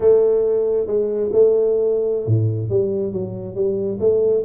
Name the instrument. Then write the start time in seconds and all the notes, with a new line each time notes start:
tuba
0.00 A3
0.86 G#3
1.31 A3
2.26 A2
2.69 G3
3.12 F#3
3.55 G3
4.00 A3